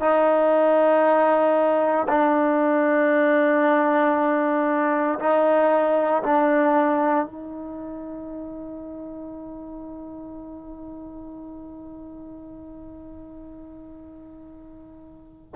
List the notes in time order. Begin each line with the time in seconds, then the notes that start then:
0.00 D#4
2.08 D4
5.19 D#4
6.23 D4
7.26 D#4